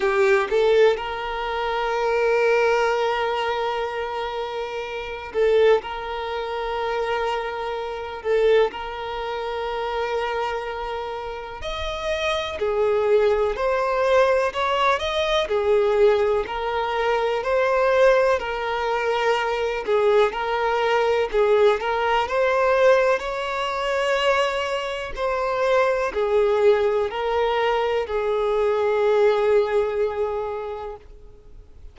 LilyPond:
\new Staff \with { instrumentName = "violin" } { \time 4/4 \tempo 4 = 62 g'8 a'8 ais'2.~ | ais'4. a'8 ais'2~ | ais'8 a'8 ais'2. | dis''4 gis'4 c''4 cis''8 dis''8 |
gis'4 ais'4 c''4 ais'4~ | ais'8 gis'8 ais'4 gis'8 ais'8 c''4 | cis''2 c''4 gis'4 | ais'4 gis'2. | }